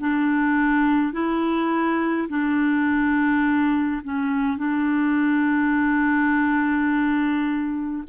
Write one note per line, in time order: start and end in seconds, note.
0.00 1.13 D4
1.13 2.29 E4
2.29 4.02 D4
4.04 4.58 C#4
4.58 8.04 D4